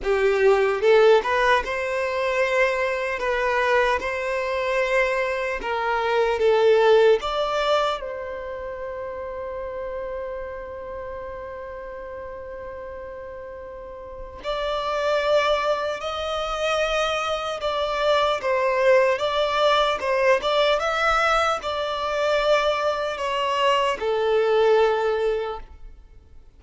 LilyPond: \new Staff \with { instrumentName = "violin" } { \time 4/4 \tempo 4 = 75 g'4 a'8 b'8 c''2 | b'4 c''2 ais'4 | a'4 d''4 c''2~ | c''1~ |
c''2 d''2 | dis''2 d''4 c''4 | d''4 c''8 d''8 e''4 d''4~ | d''4 cis''4 a'2 | }